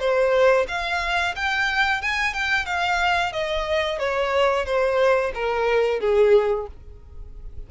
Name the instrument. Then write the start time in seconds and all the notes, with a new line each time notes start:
violin
0.00 C5
0.68 F5
1.36 G5
2.02 G#5
2.34 G5
2.66 F5
3.33 D#5
3.99 C#5
4.66 C5
5.35 A#4
6.01 G#4